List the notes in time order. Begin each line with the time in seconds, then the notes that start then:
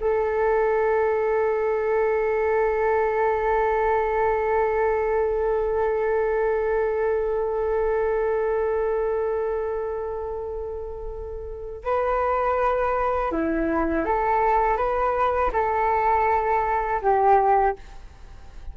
0.00 A4
11.84 B4
13.31 E4
14.05 A4
14.77 B4
15.53 A4
17.02 G4